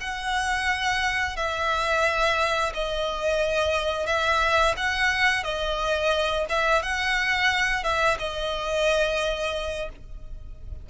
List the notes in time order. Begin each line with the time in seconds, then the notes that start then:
0.00 F#5
1.36 E5
2.74 D#5
4.06 E5
4.77 F#5
5.43 D#5
6.49 E5
6.82 F#5
7.83 E5
8.19 D#5